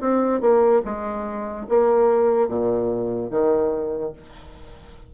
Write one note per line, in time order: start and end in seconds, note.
0.00 0.41 C4
0.41 0.82 A#3
0.85 1.67 G#3
1.69 2.48 A#3
2.48 3.30 A#2
3.30 4.12 D#3